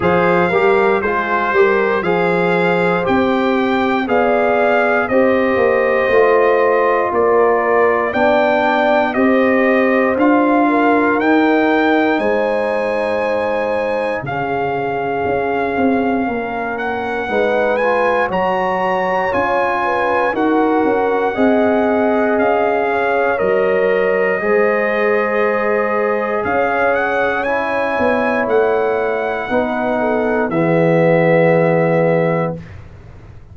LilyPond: <<
  \new Staff \with { instrumentName = "trumpet" } { \time 4/4 \tempo 4 = 59 f''4 c''4 f''4 g''4 | f''4 dis''2 d''4 | g''4 dis''4 f''4 g''4 | gis''2 f''2~ |
f''8 fis''4 gis''8 ais''4 gis''4 | fis''2 f''4 dis''4~ | dis''2 f''8 fis''8 gis''4 | fis''2 e''2 | }
  \new Staff \with { instrumentName = "horn" } { \time 4/4 c''8 ais'8 gis'8 ais'8 c''2 | d''4 c''2 ais'4 | d''4 c''4. ais'4. | c''2 gis'2 |
ais'4 b'4 cis''4. b'8 | ais'4 dis''4. cis''4. | c''2 cis''2~ | cis''4 b'8 a'8 gis'2 | }
  \new Staff \with { instrumentName = "trombone" } { \time 4/4 gis'8 g'8 f'8 g'8 gis'4 g'4 | gis'4 g'4 f'2 | d'4 g'4 f'4 dis'4~ | dis'2 cis'2~ |
cis'4 dis'8 f'8 fis'4 f'4 | fis'4 gis'2 ais'4 | gis'2. e'4~ | e'4 dis'4 b2 | }
  \new Staff \with { instrumentName = "tuba" } { \time 4/4 f8 g8 gis8 g8 f4 c'4 | b4 c'8 ais8 a4 ais4 | b4 c'4 d'4 dis'4 | gis2 cis4 cis'8 c'8 |
ais4 gis4 fis4 cis'4 | dis'8 cis'8 c'4 cis'4 fis4 | gis2 cis'4. b8 | a4 b4 e2 | }
>>